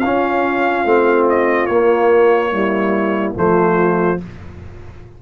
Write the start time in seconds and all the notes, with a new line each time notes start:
0.00 C#4 F4 F5
0.86 A3 C4
1.30 D#5
1.66 A#3 C#5
2.52 G3 E4
3.35 F3 A3 F4 C5